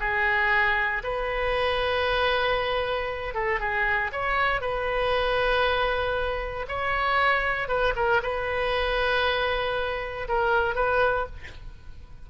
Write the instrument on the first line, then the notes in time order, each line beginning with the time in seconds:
oboe
0.00 G#4
1.03 B4
3.34 A4
3.60 G#4
4.12 C#5
4.61 B4
6.68 C#5
7.68 B4
7.96 A#4
8.23 B4
10.28 A#4
10.75 B4